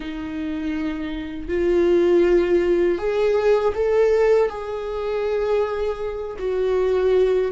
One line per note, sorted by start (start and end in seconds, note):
0.00 1.48 D#4
1.48 2.98 F4
2.98 3.73 G#4
3.74 4.49 A4
4.49 6.36 G#4
6.39 7.51 F#4